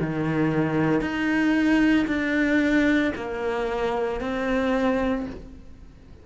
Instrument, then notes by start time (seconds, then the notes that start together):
cello
0.00 D#3
1.01 D#4
2.07 D4
3.15 A#3
4.21 C4